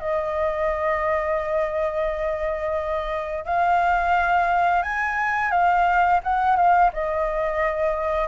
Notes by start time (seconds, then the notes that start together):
0.00 D#5
3.45 F5
4.83 G#5
5.51 F5
6.24 F#5
6.56 F5
6.93 D#5